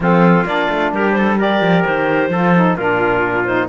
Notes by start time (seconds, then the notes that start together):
0.00 F3 C4 F4 A4
0.44 A#3 D4 D5
0.69 A3
0.92 G3 G4 A#4
1.12 A4 C5
1.38 G4 A#4 D5
1.60 F3
1.84 D#3 C5
2.28 F3 F4 A4
2.55 D#4
2.76 A#2 D4 F4 A#4
3.45 D#4 C5